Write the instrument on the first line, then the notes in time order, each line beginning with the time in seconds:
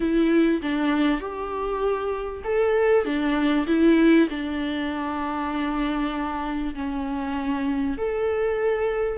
viola
0.00 E4
0.62 D4
1.20 G4
2.44 A4
3.05 D4
3.67 E4
4.29 D4
6.74 C#4
7.97 A4